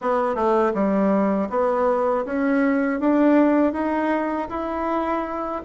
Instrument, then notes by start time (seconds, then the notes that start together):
bassoon
0.01 B3
0.35 A3
0.74 G3
1.49 B3
2.25 C#4
3.00 D4
3.73 D#4
4.49 E4